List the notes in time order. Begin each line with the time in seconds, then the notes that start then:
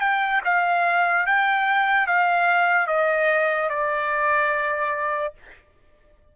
0.00 G5
0.44 F5
1.26 G5
2.07 F5
2.87 D#5
3.69 D5